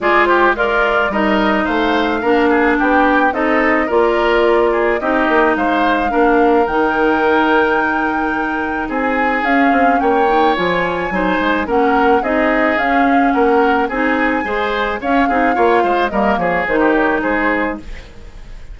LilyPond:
<<
  \new Staff \with { instrumentName = "flute" } { \time 4/4 \tempo 4 = 108 d''8 c''8 d''4 dis''4 f''4~ | f''4 g''4 dis''4 d''4~ | d''4 dis''4 f''2 | g''1 |
gis''4 f''4 g''4 gis''4~ | gis''4 fis''4 dis''4 f''4 | fis''4 gis''2 f''4~ | f''4 dis''8 cis''8 c''8 cis''8 c''4 | }
  \new Staff \with { instrumentName = "oboe" } { \time 4/4 gis'8 g'8 f'4 ais'4 c''4 | ais'8 gis'8 g'4 a'4 ais'4~ | ais'8 gis'8 g'4 c''4 ais'4~ | ais'1 |
gis'2 cis''2 | c''4 ais'4 gis'2 | ais'4 gis'4 c''4 cis''8 gis'8 | cis''8 c''8 ais'8 gis'8. g'8. gis'4 | }
  \new Staff \with { instrumentName = "clarinet" } { \time 4/4 f'4 ais'4 dis'2 | d'2 dis'4 f'4~ | f'4 dis'2 d'4 | dis'1~ |
dis'4 cis'4. dis'8 f'4 | dis'4 cis'4 dis'4 cis'4~ | cis'4 dis'4 gis'4 cis'8 dis'8 | f'4 ais4 dis'2 | }
  \new Staff \with { instrumentName = "bassoon" } { \time 4/4 gis2 g4 a4 | ais4 b4 c'4 ais4~ | ais4 c'8 ais8 gis4 ais4 | dis1 |
c'4 cis'8 c'8 ais4 f4 | fis8 gis8 ais4 c'4 cis'4 | ais4 c'4 gis4 cis'8 c'8 | ais8 gis8 g8 f8 dis4 gis4 | }
>>